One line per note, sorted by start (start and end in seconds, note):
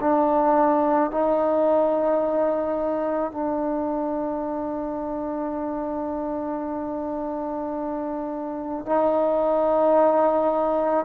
0.00 1.11 D4
1.11 3.32 D#4
3.32 8.86 D4
8.86 11.05 D#4